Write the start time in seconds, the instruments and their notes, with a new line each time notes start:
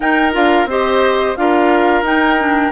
0.00 clarinet D#4, bassoon D#4, oboe A#4, flute G5
0.33 bassoon D4, clarinet F4, flute F5
0.65 bassoon C4, clarinet G4, oboe C5, flute D#5
1.36 bassoon D4, clarinet F4, oboe A#4, flute F5
2.02 bassoon D#4, clarinet D#4, flute G5
2.38 clarinet D4